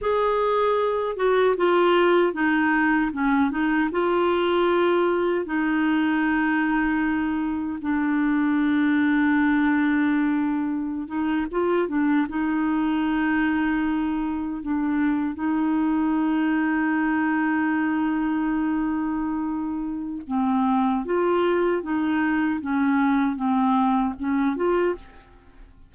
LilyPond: \new Staff \with { instrumentName = "clarinet" } { \time 4/4 \tempo 4 = 77 gis'4. fis'8 f'4 dis'4 | cis'8 dis'8 f'2 dis'4~ | dis'2 d'2~ | d'2~ d'16 dis'8 f'8 d'8 dis'16~ |
dis'2~ dis'8. d'4 dis'16~ | dis'1~ | dis'2 c'4 f'4 | dis'4 cis'4 c'4 cis'8 f'8 | }